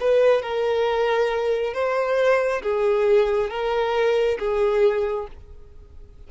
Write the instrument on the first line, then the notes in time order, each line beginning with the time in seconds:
violin
0.00 B4
0.42 A#4
1.74 C5
2.63 G#4
3.50 A#4
4.39 G#4